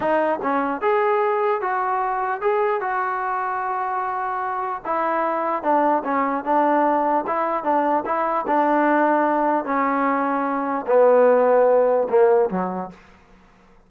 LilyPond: \new Staff \with { instrumentName = "trombone" } { \time 4/4 \tempo 4 = 149 dis'4 cis'4 gis'2 | fis'2 gis'4 fis'4~ | fis'1 | e'2 d'4 cis'4 |
d'2 e'4 d'4 | e'4 d'2. | cis'2. b4~ | b2 ais4 fis4 | }